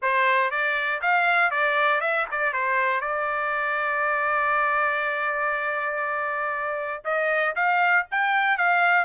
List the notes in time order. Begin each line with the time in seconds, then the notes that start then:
0.02 C5
0.50 D5
1.01 F5
1.50 D5
2.00 E5
2.31 D5
2.53 C5
3.00 D5
7.04 D#5
7.55 F5
8.11 G5
8.57 F5